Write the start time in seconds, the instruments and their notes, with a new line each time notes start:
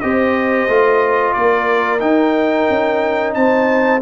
0.00 tuba C4, trombone G4, horn C5, trumpet D#5
0.68 tuba A3, trombone F4
1.33 tuba A#3, horn A#4, trumpet D5
2.00 trombone D#4, tuba D#4, trumpet G5
2.69 tuba C#4
3.34 tuba C4, horn C5, trumpet A5